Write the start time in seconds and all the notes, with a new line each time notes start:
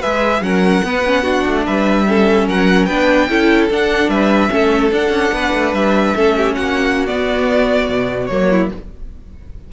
0.00 G#3 G#4 B4 E5
0.41 F#3 C#4 A#4 F#5
0.84 B3 B4
1.05 C#4
1.22 D4 F#4
1.47 A3
1.66 G3 B4 E5
2.07 C#4 A4
2.47 F#3 A#4 F#5
2.85 B3 D4 B4 G5
3.29 C#4 E4 A4
3.70 D4 F#5
4.08 G3 B4 E5
4.49 A3 C#4 A4
4.91 D4 F#5
5.10 C#4
5.32 B3 B4
5.53 A3
5.73 G3 E5
6.15 A3 C#4 A4
6.36 G4
6.54 A#3 F#4 F#5
7.06 B3 D5
7.90 B2
8.26 F#3 A#3 C#5
8.50 E4